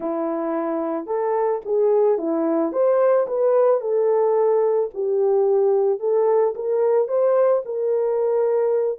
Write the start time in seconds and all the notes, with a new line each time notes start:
0.00 E4
1.06 A4
1.65 G#4
2.17 E4
2.72 C5
3.27 B4
3.81 A4
4.93 G4
5.99 A4
6.55 A#4
7.08 C5
7.65 A#4